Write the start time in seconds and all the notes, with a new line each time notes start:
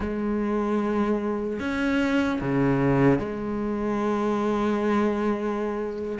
0.00 G#3
1.59 C#4
2.40 C#3
3.19 G#3